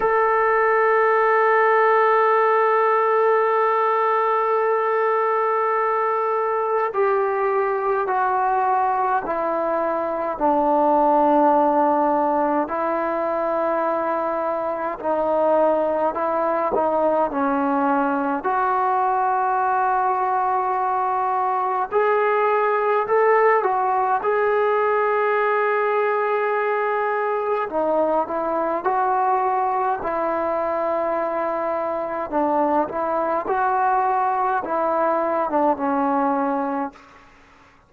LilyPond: \new Staff \with { instrumentName = "trombone" } { \time 4/4 \tempo 4 = 52 a'1~ | a'2 g'4 fis'4 | e'4 d'2 e'4~ | e'4 dis'4 e'8 dis'8 cis'4 |
fis'2. gis'4 | a'8 fis'8 gis'2. | dis'8 e'8 fis'4 e'2 | d'8 e'8 fis'4 e'8. d'16 cis'4 | }